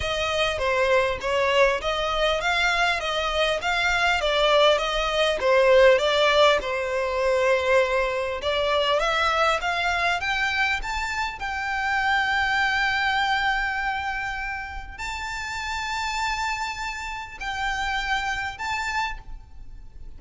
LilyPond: \new Staff \with { instrumentName = "violin" } { \time 4/4 \tempo 4 = 100 dis''4 c''4 cis''4 dis''4 | f''4 dis''4 f''4 d''4 | dis''4 c''4 d''4 c''4~ | c''2 d''4 e''4 |
f''4 g''4 a''4 g''4~ | g''1~ | g''4 a''2.~ | a''4 g''2 a''4 | }